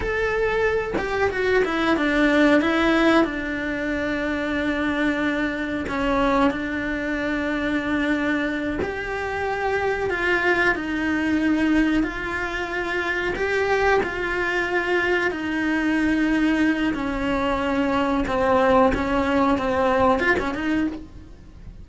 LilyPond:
\new Staff \with { instrumentName = "cello" } { \time 4/4 \tempo 4 = 92 a'4. g'8 fis'8 e'8 d'4 | e'4 d'2.~ | d'4 cis'4 d'2~ | d'4. g'2 f'8~ |
f'8 dis'2 f'4.~ | f'8 g'4 f'2 dis'8~ | dis'2 cis'2 | c'4 cis'4 c'4 f'16 cis'16 dis'8 | }